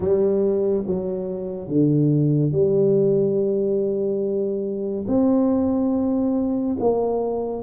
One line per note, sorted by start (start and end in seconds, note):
0.00 0.84 G3
0.86 1.67 F#3
1.67 2.52 D3
2.52 5.05 G3
5.07 6.76 C4
6.79 7.62 A#3